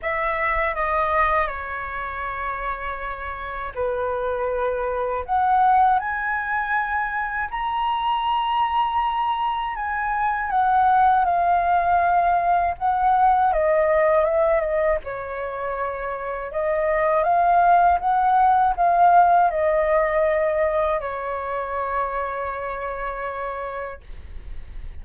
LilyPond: \new Staff \with { instrumentName = "flute" } { \time 4/4 \tempo 4 = 80 e''4 dis''4 cis''2~ | cis''4 b'2 fis''4 | gis''2 ais''2~ | ais''4 gis''4 fis''4 f''4~ |
f''4 fis''4 dis''4 e''8 dis''8 | cis''2 dis''4 f''4 | fis''4 f''4 dis''2 | cis''1 | }